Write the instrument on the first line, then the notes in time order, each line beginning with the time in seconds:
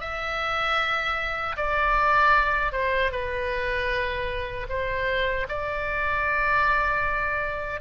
oboe
0.00 E5
1.57 D5
2.72 C5
3.11 B4
4.69 C5
5.48 D5